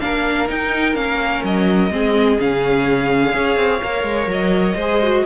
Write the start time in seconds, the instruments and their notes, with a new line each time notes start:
0.00 cello A#3, viola D4, violin A#4 F5
0.49 viola D#4, cello D#4, violin G5
0.95 cello A#3, viola C#4, violin F5
1.43 cello F#3, violin D#5
1.91 cello G#3, viola C4, violin G#4
2.40 cello C#3, viola C#4, violin F5
3.32 cello C#4, viola G#4, violin C#5
3.56 cello C4
3.83 cello A#3, viola A#4
4.04 cello G#3
4.27 cello F#3, violin D#5
4.75 cello G#3, viola G#4, violin C5
5.03 viola F#4